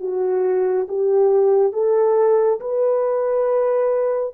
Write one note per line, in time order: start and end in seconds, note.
0.00 0.87 F#4
0.88 1.73 G4
1.73 2.60 A4
2.60 4.34 B4